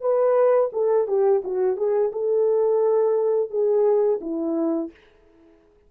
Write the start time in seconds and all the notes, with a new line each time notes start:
0.00 B4
0.72 A4
1.07 G4
1.44 F#4
1.76 G#4
2.12 A4
3.50 G#4
4.21 E4